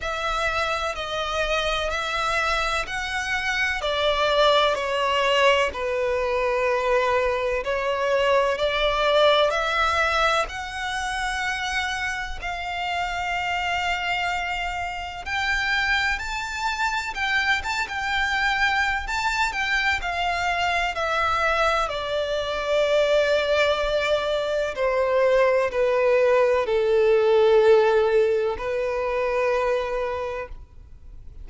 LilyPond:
\new Staff \with { instrumentName = "violin" } { \time 4/4 \tempo 4 = 63 e''4 dis''4 e''4 fis''4 | d''4 cis''4 b'2 | cis''4 d''4 e''4 fis''4~ | fis''4 f''2. |
g''4 a''4 g''8 a''16 g''4~ g''16 | a''8 g''8 f''4 e''4 d''4~ | d''2 c''4 b'4 | a'2 b'2 | }